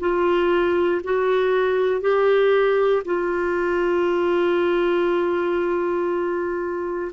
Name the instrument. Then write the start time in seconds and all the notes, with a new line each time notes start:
clarinet
0.00 F4
1.04 F#4
2.01 G4
3.05 F4